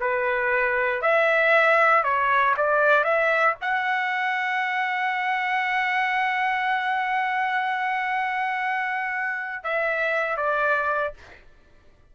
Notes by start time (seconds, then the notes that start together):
0.00 B4
1.02 E5
2.04 C#5
2.57 D5
3.04 E5
3.61 F#5
9.64 E5
10.37 D5